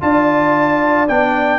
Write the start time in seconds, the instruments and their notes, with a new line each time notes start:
0.00 tuba D4, trombone F4, horn D5, trumpet A5
1.08 tuba B3, trombone D4, trumpet G5